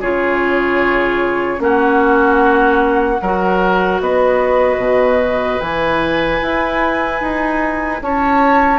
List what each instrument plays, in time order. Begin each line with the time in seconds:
0.00 bassoon C#3, clarinet F4, oboe G#4, flute C#5
1.58 bassoon A#3, clarinet C#4, oboe F#4, flute F#5
3.21 bassoon F#3, clarinet F#4, oboe A#4
4.00 bassoon B3, oboe B4, flute D#5
4.78 bassoon B2
5.60 bassoon E3, clarinet E4, flute G#5
6.42 bassoon E4
7.21 bassoon D#4
8.01 bassoon C#4, oboe C#5, flute A5